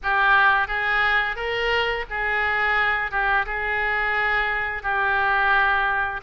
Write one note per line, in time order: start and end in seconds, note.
0.02 0.67 G4
0.67 1.35 G#4
1.35 2.04 A#4
2.10 3.11 G#4
3.11 3.45 G4
3.45 4.82 G#4
4.82 6.20 G4